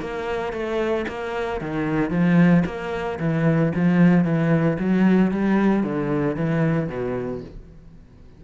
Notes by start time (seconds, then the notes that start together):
0.00 A#3
0.52 A3
1.08 A#3
1.60 D#3
2.10 F3
2.65 A#3
3.19 E3
3.75 F3
4.24 E3
4.79 F#3
5.31 G3
5.83 D3
6.35 E3
6.88 B2